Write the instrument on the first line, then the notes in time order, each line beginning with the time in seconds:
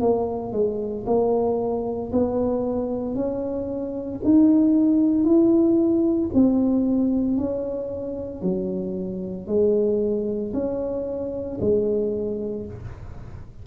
tuba
0.00 A#3
0.52 G#3
1.06 A#3
2.12 B3
3.15 C#4
4.24 D#4
5.24 E4
6.34 C4
7.37 C#4
8.42 F#3
9.47 G#3
10.53 C#4
11.60 G#3